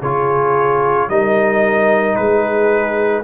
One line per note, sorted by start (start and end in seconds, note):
0.00 1.08 C#3
0.00 1.09 F4
0.00 1.07 G#4
0.00 1.09 C#5
1.09 2.16 G3
1.09 3.23 D#4
1.09 2.18 A#4
1.09 2.15 D#5
2.15 3.23 G#3
2.15 3.23 G#4
2.15 3.23 B4